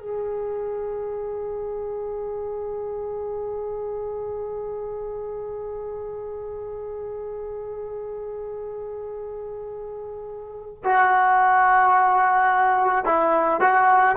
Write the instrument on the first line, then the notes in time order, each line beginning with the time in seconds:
trombone
0.00 G#4
10.84 F#4
13.06 E4
13.61 F#4